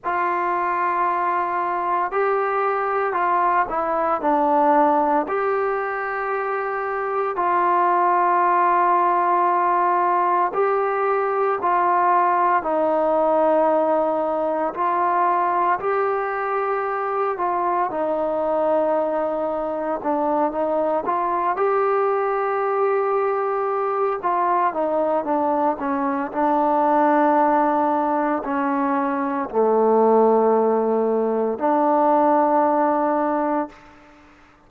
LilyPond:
\new Staff \with { instrumentName = "trombone" } { \time 4/4 \tempo 4 = 57 f'2 g'4 f'8 e'8 | d'4 g'2 f'4~ | f'2 g'4 f'4 | dis'2 f'4 g'4~ |
g'8 f'8 dis'2 d'8 dis'8 | f'8 g'2~ g'8 f'8 dis'8 | d'8 cis'8 d'2 cis'4 | a2 d'2 | }